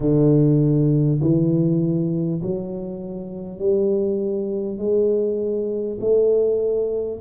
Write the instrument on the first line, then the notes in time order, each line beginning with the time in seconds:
tuba
0.00 D3
1.21 E3
2.42 F#3
3.58 G3
4.77 G#3
6.00 A3